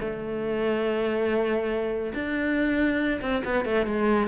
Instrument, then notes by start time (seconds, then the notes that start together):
cello
0.00 A3
2.14 D4
3.21 C4
3.44 B3
3.65 A3
3.86 G#3